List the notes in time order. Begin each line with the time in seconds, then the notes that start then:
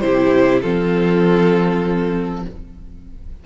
0.00 C3 E4 G4 C5
0.62 F3 C4 F4 A4